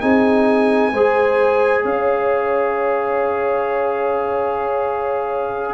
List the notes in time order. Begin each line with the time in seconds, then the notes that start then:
0.00 C4 D#4 G#4 G#5
0.92 G#3 G#4 C5
1.83 C#4 C#5 F5